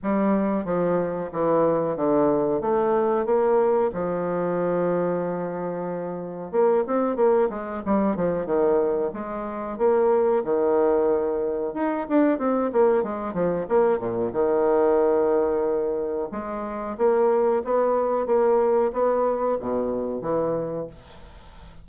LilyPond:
\new Staff \with { instrumentName = "bassoon" } { \time 4/4 \tempo 4 = 92 g4 f4 e4 d4 | a4 ais4 f2~ | f2 ais8 c'8 ais8 gis8 | g8 f8 dis4 gis4 ais4 |
dis2 dis'8 d'8 c'8 ais8 | gis8 f8 ais8 ais,8 dis2~ | dis4 gis4 ais4 b4 | ais4 b4 b,4 e4 | }